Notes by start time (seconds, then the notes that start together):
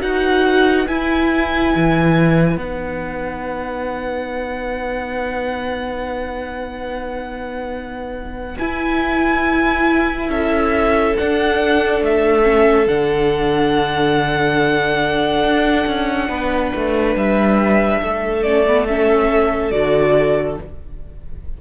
0.00 D#4 F#4 B4 F#5
0.87 E4 G#5
1.75 E3
2.57 B3 D#4 F#5
8.58 E4 G#5
10.29 C#4 A4 E5
11.17 D4 F#5
12.01 A3 E5
12.42 C#4
12.87 D3 D4 F#5
15.43 D4
15.86 C#4
16.28 B3 B4
16.75 A3
17.16 G3 E5
18.02 A3 A4
18.43 C#4 D5
18.67 B3
18.87 C#4 E5
19.71 D3 F#4 D5